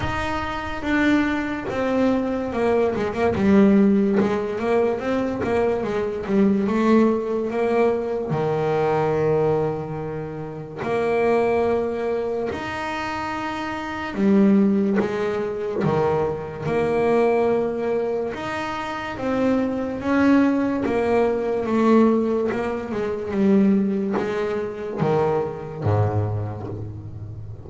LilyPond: \new Staff \with { instrumentName = "double bass" } { \time 4/4 \tempo 4 = 72 dis'4 d'4 c'4 ais8 gis16 ais16 | g4 gis8 ais8 c'8 ais8 gis8 g8 | a4 ais4 dis2~ | dis4 ais2 dis'4~ |
dis'4 g4 gis4 dis4 | ais2 dis'4 c'4 | cis'4 ais4 a4 ais8 gis8 | g4 gis4 dis4 gis,4 | }